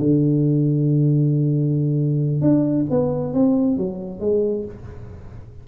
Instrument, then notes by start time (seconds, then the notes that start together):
tuba
0.00 D3
2.42 D4
2.90 B3
3.34 C4
3.78 F#3
4.21 G#3